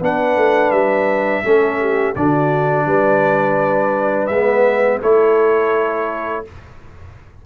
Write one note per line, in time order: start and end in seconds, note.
0.00 0.36 B3
0.00 1.44 D4
0.00 1.43 B4
0.00 0.71 F#5
0.36 0.72 A3
0.71 1.43 G3
0.71 2.14 E5
1.44 2.16 A3
1.44 2.16 C#4
1.44 1.81 A4
1.81 2.16 G4
2.16 2.86 D3
2.16 4.32 D4
2.16 2.87 F#4
2.16 4.27 D5
2.86 4.29 G3
2.86 5.00 B4
4.27 5.01 G#3
4.27 5.02 B3
4.27 4.99 E5
5.00 6.46 A3
5.00 6.45 E4
5.00 6.43 A4
5.00 6.45 C#5